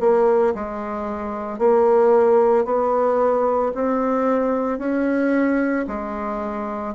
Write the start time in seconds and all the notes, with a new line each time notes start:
0.00 A#3
0.55 G#3
1.59 A#3
2.65 B3
3.75 C4
4.78 C#4
5.87 G#3